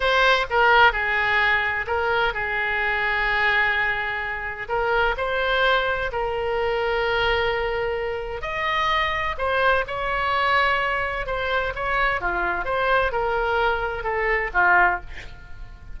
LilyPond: \new Staff \with { instrumentName = "oboe" } { \time 4/4 \tempo 4 = 128 c''4 ais'4 gis'2 | ais'4 gis'2.~ | gis'2 ais'4 c''4~ | c''4 ais'2.~ |
ais'2 dis''2 | c''4 cis''2. | c''4 cis''4 f'4 c''4 | ais'2 a'4 f'4 | }